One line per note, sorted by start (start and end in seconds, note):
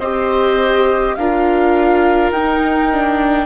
0.00 1.16 C4
0.00 1.19 G4
0.00 1.16 C5
0.00 1.15 D#5
1.15 2.31 D4
1.15 2.36 F4
1.15 3.46 A#4
1.15 2.31 F5
2.31 3.46 D#4
2.31 2.92 D#4
2.31 3.46 G5
2.92 3.46 D4